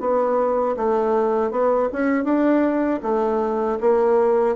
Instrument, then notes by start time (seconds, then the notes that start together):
bassoon
0.00 B3
0.76 A3
1.51 B3
1.93 C#4
2.24 D4
3.02 A3
3.80 A#3